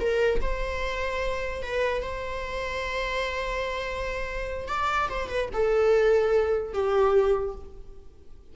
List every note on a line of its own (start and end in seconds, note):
0.00 0.41 A#4
0.41 1.62 C5
1.62 2.03 B4
2.03 4.68 C5
4.68 5.09 D5
5.09 5.29 C5
5.29 5.49 B4
5.53 6.73 A4
6.73 7.55 G4